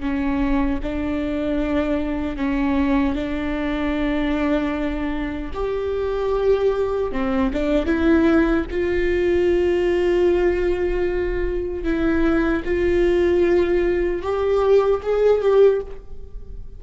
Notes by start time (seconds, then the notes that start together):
0.00 C#4
0.83 D4
2.36 C#4
3.15 D4
5.54 G4
7.12 C4
7.53 D4
7.86 E4
8.71 F4
11.84 E4
12.64 F4
14.22 G4
15.03 G#4
15.41 G4